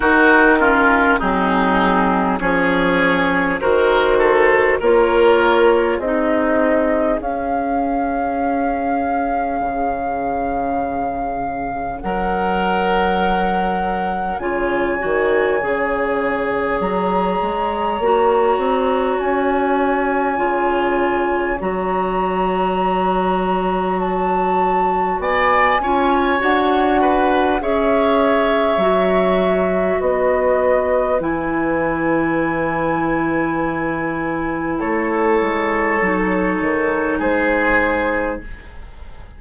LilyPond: <<
  \new Staff \with { instrumentName = "flute" } { \time 4/4 \tempo 4 = 50 ais'4 gis'4 cis''4 c''4 | cis''4 dis''4 f''2~ | f''2 fis''2 | gis''2 ais''2 |
gis''2 ais''2 | a''4 gis''4 fis''4 e''4~ | e''4 dis''4 gis''2~ | gis''4 cis''2 c''4 | }
  \new Staff \with { instrumentName = "oboe" } { \time 4/4 fis'8 f'8 dis'4 gis'4 ais'8 a'8 | ais'4 gis'2.~ | gis'2 ais'2 | cis''1~ |
cis''1~ | cis''4 d''8 cis''4 b'8 cis''4~ | cis''4 b'2.~ | b'4 a'2 gis'4 | }
  \new Staff \with { instrumentName = "clarinet" } { \time 4/4 dis'8 cis'8 c'4 cis'4 fis'4 | f'4 dis'4 cis'2~ | cis'1 | f'8 fis'8 gis'2 fis'4~ |
fis'4 f'4 fis'2~ | fis'4. f'8 fis'4 gis'4 | fis'2 e'2~ | e'2 dis'2 | }
  \new Staff \with { instrumentName = "bassoon" } { \time 4/4 dis4 fis4 f4 dis4 | ais4 c'4 cis'2 | cis2 fis2 | cis8 dis8 cis4 fis8 gis8 ais8 c'8 |
cis'4 cis4 fis2~ | fis4 b8 cis'8 d'4 cis'4 | fis4 b4 e2~ | e4 a8 gis8 fis8 dis8 gis4 | }
>>